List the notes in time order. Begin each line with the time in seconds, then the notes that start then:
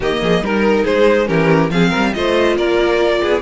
0.00 D#3 A#3 G4 D#5
0.22 F3 G#4
0.41 G3 D#4 A#4
0.83 G#3 G#4 C5
1.26 E3 C#4 G4 A#4
1.69 F3 C4 G#4 F5
1.89 A#4
1.95 G3
2.13 A3 F4 C5 D#5
2.57 A#3 A#4 D5
3.21 B3 G#4